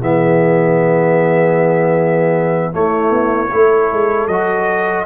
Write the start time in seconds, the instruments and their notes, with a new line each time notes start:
0.00 tuba E3, trombone B3, horn G#4, trumpet E5
2.72 trombone A3, tuba A3, horn E4, trumpet C#5
3.10 tuba B3
3.51 tuba A3, trombone E4, horn A4
3.92 tuba G#3
4.27 tuba F#3, trombone F#4, trumpet D#5